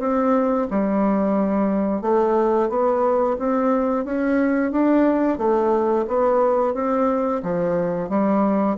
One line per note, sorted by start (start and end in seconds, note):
0.00 0.67 C4
0.71 2.02 G3
2.02 2.69 A3
2.69 3.37 B3
3.39 4.05 C4
4.05 4.72 C#4
4.72 5.38 D4
5.38 6.06 A3
6.08 6.74 B3
6.74 7.42 C4
7.43 8.10 F3
8.10 8.77 G3